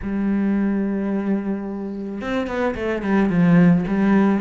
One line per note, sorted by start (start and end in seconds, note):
0.02 2.21 G3
2.21 2.47 C4
2.47 2.74 B3
2.75 3.02 A3
3.02 3.29 G3
3.29 3.84 F3
3.87 4.41 G3